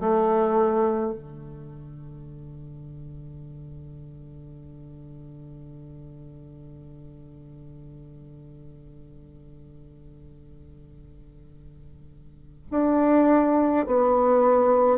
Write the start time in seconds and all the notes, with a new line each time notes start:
0.00 A3
1.13 D3
12.71 D4
13.86 B3